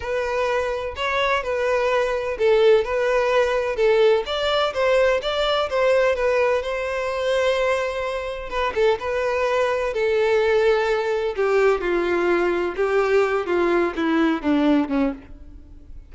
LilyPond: \new Staff \with { instrumentName = "violin" } { \time 4/4 \tempo 4 = 127 b'2 cis''4 b'4~ | b'4 a'4 b'2 | a'4 d''4 c''4 d''4 | c''4 b'4 c''2~ |
c''2 b'8 a'8 b'4~ | b'4 a'2. | g'4 f'2 g'4~ | g'8 f'4 e'4 d'4 cis'8 | }